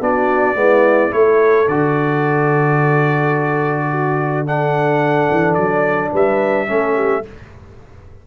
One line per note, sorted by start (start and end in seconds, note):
0.00 0.55 B3
0.00 0.55 D4
0.00 0.57 F#4
0.00 1.13 D5
0.55 1.11 G#3
0.55 1.10 B3
0.55 1.14 E4
1.10 1.67 A3
1.10 1.66 E4
1.10 3.91 A4
1.10 1.68 C#5
1.67 5.28 D3
1.67 4.46 F#4
1.67 4.46 D5
3.91 4.46 F#4
4.46 6.67 D4
4.46 6.11 A4
4.46 5.54 F#5
5.31 5.57 E3
5.54 6.12 F#3
5.54 6.09 D5
6.11 6.69 G3
6.11 6.67 B4
6.11 7.27 E5
6.67 7.24 A3
6.67 7.22 C#4
6.67 6.95 A4
6.95 7.23 G4